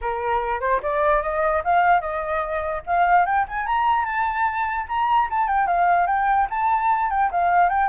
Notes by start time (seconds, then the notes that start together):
0.01 A#4
0.60 C5
0.82 D5
1.22 D#5
1.64 F5
2.00 D#5
2.86 F5
3.25 G5
3.48 G#5
3.66 A#5
4.05 A5
4.88 A#5
5.30 A5
5.47 G5
5.66 F5
6.06 G5
6.50 A5
7.09 G5
7.31 F5
7.69 G5